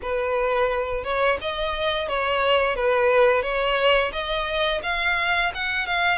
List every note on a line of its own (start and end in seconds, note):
0.02 1.03 B4
1.03 1.38 C#5
1.41 2.08 D#5
2.08 2.75 C#5
2.75 3.42 B4
3.42 4.11 C#5
4.12 4.81 D#5
4.82 5.51 F5
5.54 5.86 F#5
5.86 6.18 F5